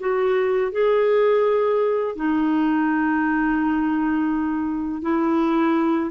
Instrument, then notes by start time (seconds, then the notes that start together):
clarinet
0.00 F#4
0.72 G#4
2.16 D#4
5.02 E4